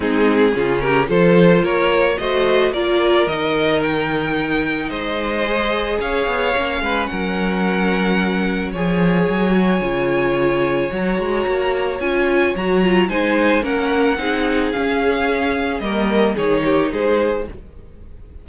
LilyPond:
<<
  \new Staff \with { instrumentName = "violin" } { \time 4/4 \tempo 4 = 110 gis'4. ais'8 c''4 cis''4 | dis''4 d''4 dis''4 g''4~ | g''4 dis''2 f''4~ | f''4 fis''2. |
gis''1 | ais''2 gis''4 ais''4 | gis''4 fis''2 f''4~ | f''4 dis''4 cis''4 c''4 | }
  \new Staff \with { instrumentName = "violin" } { \time 4/4 dis'4 f'8 g'8 a'4 ais'4 | c''4 ais'2.~ | ais'4 c''2 cis''4~ | cis''8 b'8 ais'2. |
cis''1~ | cis''1 | c''4 ais'4 gis'2~ | gis'4 ais'4 gis'8 g'8 gis'4 | }
  \new Staff \with { instrumentName = "viola" } { \time 4/4 c'4 cis'4 f'2 | fis'4 f'4 dis'2~ | dis'2 gis'2 | cis'1 |
gis'4. fis'8 f'2 | fis'2 f'4 fis'8 f'8 | dis'4 cis'4 dis'4 cis'4~ | cis'4 ais4 dis'2 | }
  \new Staff \with { instrumentName = "cello" } { \time 4/4 gis4 cis4 f4 ais4 | a4 ais4 dis2~ | dis4 gis2 cis'8 b8 | ais8 gis8 fis2. |
f4 fis4 cis2 | fis8 gis8 ais4 cis'4 fis4 | gis4 ais4 c'4 cis'4~ | cis'4 g4 dis4 gis4 | }
>>